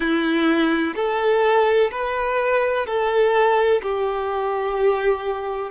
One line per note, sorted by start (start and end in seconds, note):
0.00 0.94 E4
0.95 1.90 A4
1.90 2.86 B4
2.86 3.81 A4
3.82 5.70 G4